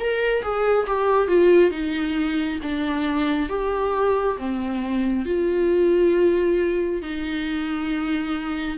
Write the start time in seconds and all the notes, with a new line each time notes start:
0.00 A#4
0.43 G#4
0.87 G4
1.28 F4
1.71 D#4
2.63 D4
3.49 G4
4.38 C4
5.26 F4
7.02 D#4